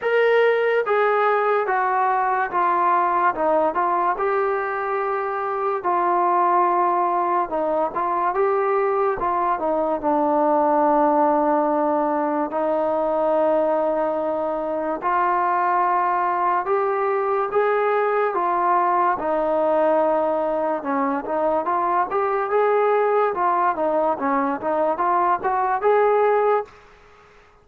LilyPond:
\new Staff \with { instrumentName = "trombone" } { \time 4/4 \tempo 4 = 72 ais'4 gis'4 fis'4 f'4 | dis'8 f'8 g'2 f'4~ | f'4 dis'8 f'8 g'4 f'8 dis'8 | d'2. dis'4~ |
dis'2 f'2 | g'4 gis'4 f'4 dis'4~ | dis'4 cis'8 dis'8 f'8 g'8 gis'4 | f'8 dis'8 cis'8 dis'8 f'8 fis'8 gis'4 | }